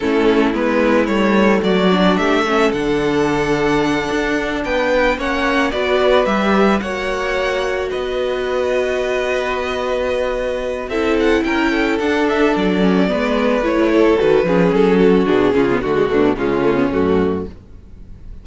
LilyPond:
<<
  \new Staff \with { instrumentName = "violin" } { \time 4/4 \tempo 4 = 110 a'4 b'4 cis''4 d''4 | e''4 fis''2.~ | fis''8 g''4 fis''4 d''4 e''8~ | e''8 fis''2 dis''4.~ |
dis''1 | e''8 fis''8 g''4 fis''8 e''8 d''4~ | d''4 cis''4 b'4 a'4 | gis'4 fis'4 f'4 fis'4 | }
  \new Staff \with { instrumentName = "violin" } { \time 4/4 e'2. fis'4 | g'8 a'2.~ a'8~ | a'8 b'4 cis''4 b'4.~ | b'8 cis''2 b'4.~ |
b'1 | a'4 ais'8 a'2~ a'8 | b'4. a'4 gis'4 fis'8~ | fis'8 f'8 fis'8 d'8 cis'2 | }
  \new Staff \with { instrumentName = "viola" } { \time 4/4 cis'4 b4 a4. d'8~ | d'8 cis'8 d'2.~ | d'4. cis'4 fis'4 g'8~ | g'8 fis'2.~ fis'8~ |
fis'1 | e'2 d'4. cis'8 | b4 e'4 fis'8 cis'4. | d'8 cis'16 b16 a16 gis16 a8 gis8 a16 b16 a4 | }
  \new Staff \with { instrumentName = "cello" } { \time 4/4 a4 gis4 g4 fis4 | a4 d2~ d8 d'8~ | d'8 b4 ais4 b4 g8~ | g8 ais2 b4.~ |
b1 | c'4 cis'4 d'4 fis4 | gis4 a4 dis8 f8 fis4 | b,8 cis8 d8 b,8 cis4 fis,4 | }
>>